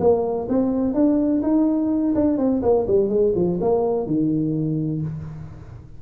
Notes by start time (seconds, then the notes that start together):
0.00 A#3
0.49 C4
0.94 D4
1.43 D#4
2.15 D4
2.38 C4
2.63 A#3
2.87 G3
3.09 G#3
3.35 F3
3.61 A#3
4.07 D#3